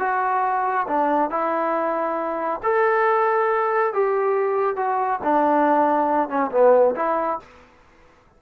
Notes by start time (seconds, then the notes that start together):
0.00 F#4
0.88 D4
1.30 E4
2.63 A4
3.94 G4
4.77 F#4
5.24 D4
6.29 C#4
6.52 B3
6.96 E4